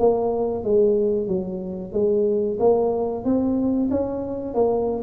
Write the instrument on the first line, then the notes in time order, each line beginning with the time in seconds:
tuba
0.00 A#3
0.64 G#3
1.28 F#3
1.93 G#3
2.60 A#3
3.25 C4
3.91 C#4
4.54 A#3